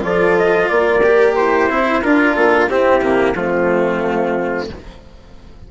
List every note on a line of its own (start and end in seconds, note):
0.00 0.70 F3
0.00 1.00 F4
0.00 0.70 A4
0.00 0.37 D5
0.38 0.68 D#5
0.68 1.70 A#3
0.68 1.37 A#4
0.68 1.35 D5
1.03 1.70 G4
1.36 2.03 E4
1.36 2.02 C5
1.70 2.03 C4
1.70 2.03 E4
2.02 2.36 D4
2.02 2.70 D4
2.02 2.70 F4
2.02 2.35 A#4
2.36 2.69 A#3
2.36 2.69 A4
2.69 3.01 C4
2.69 3.36 E4
2.69 3.36 G4
3.01 3.34 C3
3.01 3.35 A#3
3.35 4.68 F3
3.35 4.70 A3
3.35 4.71 C4
3.35 4.69 F4